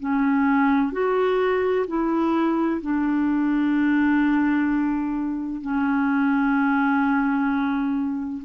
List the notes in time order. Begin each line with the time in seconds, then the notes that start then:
0.00 C#4
0.92 F#4
1.87 E4
2.82 D4
5.62 C#4